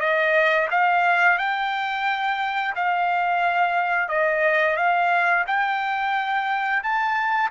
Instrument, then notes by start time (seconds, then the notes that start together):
trumpet
0.00 D#5
0.71 F5
1.38 G5
2.76 F5
4.09 D#5
4.77 F5
5.47 G5
6.83 A5